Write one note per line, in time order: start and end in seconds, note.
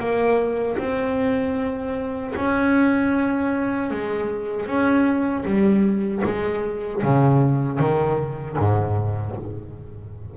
0.00 0.78 A#3
0.78 2.34 C4
2.36 3.91 C#4
3.91 4.67 G#3
4.67 5.45 C#4
5.45 6.23 G3
6.25 7.03 G#3
7.03 7.80 C#3
7.80 8.57 D#3
8.59 9.36 G#2